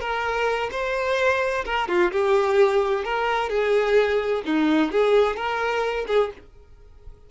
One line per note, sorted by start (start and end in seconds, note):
0.00 0.70 A#4
0.71 1.64 C5
1.65 1.88 A#4
1.88 2.11 F4
2.11 3.04 G4
3.04 3.49 A#4
3.49 4.42 G#4
4.45 4.91 D#4
4.91 5.36 G#4
5.36 6.06 A#4
6.07 6.30 G#4